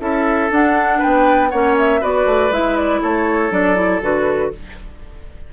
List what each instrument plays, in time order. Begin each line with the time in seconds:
0.00 bassoon C#4, clarinet E4, oboe A4, flute E5
0.51 clarinet D4, bassoon D4, flute F#5
0.99 oboe B4, flute G5
1.05 bassoon B3
1.50 bassoon A#3, clarinet C#4, oboe C#5, flute F#5
1.79 flute E5
2.01 bassoon B3, clarinet F#4, oboe B4, flute D5
2.26 bassoon A3
2.50 bassoon G#3, clarinet E4, flute E5
2.77 flute D5
3.02 bassoon A3, oboe A4, flute C#5
3.51 bassoon F#3, clarinet D4, flute D5
3.75 clarinet E4
4.02 bassoon D3, clarinet F#4, flute B4